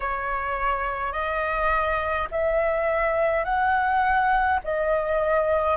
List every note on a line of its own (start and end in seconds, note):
0.00 1.12 C#5
1.12 2.28 D#5
2.31 3.44 E5
3.44 4.59 F#5
4.64 5.77 D#5